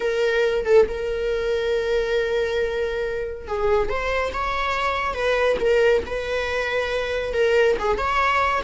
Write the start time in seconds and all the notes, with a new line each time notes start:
0.00 A#4
0.65 A4
0.88 A#4
3.47 G#4
3.89 C5
4.33 C#5
5.14 B4
5.60 A#4
6.05 B4
7.33 A#4
7.79 G#4
7.97 C#5